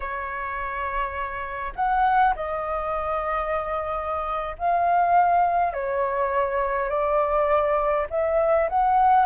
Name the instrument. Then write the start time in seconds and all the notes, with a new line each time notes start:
flute
0.00 C#5
1.75 F#5
2.35 D#5
4.58 F5
5.73 C#5
6.89 D5
8.10 E5
8.69 F#5